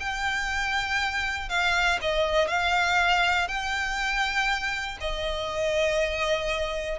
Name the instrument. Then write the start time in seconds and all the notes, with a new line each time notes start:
violin
0.00 G5
1.49 F5
2.02 D#5
2.48 F5
3.48 G5
5.01 D#5